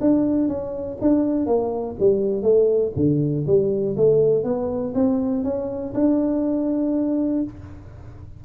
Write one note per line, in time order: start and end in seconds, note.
0.00 0.48 D4
0.48 0.97 C#4
1.01 1.46 D4
1.46 1.95 A#3
1.99 2.42 G3
2.42 2.92 A3
2.95 3.45 D3
3.46 3.96 G3
3.96 4.43 A3
4.43 4.93 B3
4.94 5.43 C4
5.43 5.93 C#4
5.94 7.43 D4